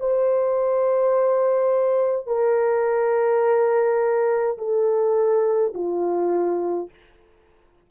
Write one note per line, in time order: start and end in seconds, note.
0.00 2.27 C5
2.27 4.57 A#4
4.58 5.73 A4
5.74 6.90 F4